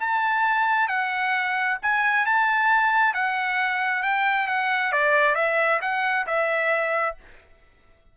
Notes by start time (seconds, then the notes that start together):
0.00 A5
0.89 F#5
1.83 G#5
2.26 A5
3.14 F#5
4.03 G5
4.48 F#5
4.93 D5
5.35 E5
5.82 F#5
6.27 E5